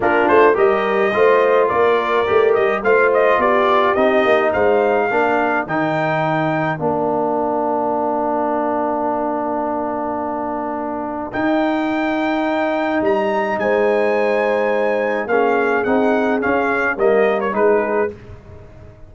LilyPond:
<<
  \new Staff \with { instrumentName = "trumpet" } { \time 4/4 \tempo 4 = 106 ais'8 c''8 dis''2 d''4~ | d''8 dis''8 f''8 dis''8 d''4 dis''4 | f''2 g''2 | f''1~ |
f''1 | g''2. ais''4 | gis''2. f''4 | fis''4 f''4 dis''8. cis''16 b'4 | }
  \new Staff \with { instrumentName = "horn" } { \time 4/4 f'4 ais'4 c''4 ais'4~ | ais'4 c''4 g'2 | c''4 ais'2.~ | ais'1~ |
ais'1~ | ais'1 | c''2. gis'4~ | gis'2 ais'4 gis'4 | }
  \new Staff \with { instrumentName = "trombone" } { \time 4/4 d'4 g'4 f'2 | g'4 f'2 dis'4~ | dis'4 d'4 dis'2 | d'1~ |
d'1 | dis'1~ | dis'2. cis'4 | dis'4 cis'4 ais4 dis'4 | }
  \new Staff \with { instrumentName = "tuba" } { \time 4/4 ais8 a8 g4 a4 ais4 | a8 g8 a4 b4 c'8 ais8 | gis4 ais4 dis2 | ais1~ |
ais1 | dis'2. g4 | gis2. ais4 | c'4 cis'4 g4 gis4 | }
>>